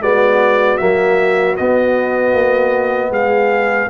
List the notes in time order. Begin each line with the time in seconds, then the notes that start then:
0.00 G#3 B3 F#4 D5
0.77 F#3 A#3 E5
1.56 B3 D#5
2.33 A#3
3.10 G#3 G#4 F5